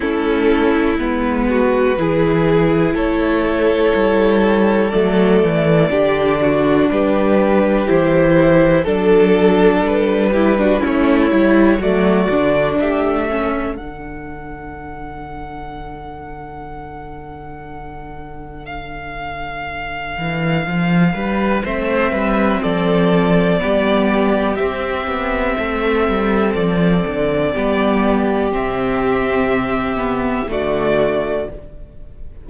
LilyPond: <<
  \new Staff \with { instrumentName = "violin" } { \time 4/4 \tempo 4 = 61 a'4 b'2 cis''4~ | cis''4 d''2 b'4 | c''4 a'4 b'4 cis''4 | d''4 e''4 fis''2~ |
fis''2. f''4~ | f''2 e''4 d''4~ | d''4 e''2 d''4~ | d''4 e''2 d''4 | }
  \new Staff \with { instrumentName = "violin" } { \time 4/4 e'4. fis'8 gis'4 a'4~ | a'2 g'8 fis'8 g'4~ | g'4 a'4. g'16 fis'16 e'4 | fis'4 g'8 a'2~ a'8~ |
a'1~ | a'4. b'8 c''8 b'8 a'4 | g'2 a'2 | g'2. fis'4 | }
  \new Staff \with { instrumentName = "viola" } { \time 4/4 cis'4 b4 e'2~ | e'4 a4 d'2 | e'4 d'4. e'16 d'16 cis'8 e'8 | a8 d'4 cis'8 d'2~ |
d'1~ | d'2 c'2 | b4 c'2. | b4 c'4. b8 a4 | }
  \new Staff \with { instrumentName = "cello" } { \time 4/4 a4 gis4 e4 a4 | g4 fis8 e8 d4 g4 | e4 fis4 g4 a8 g8 | fis8 d8 a4 d2~ |
d1~ | d8 e8 f8 g8 a8 g8 f4 | g4 c'8 b8 a8 g8 f8 d8 | g4 c2 d4 | }
>>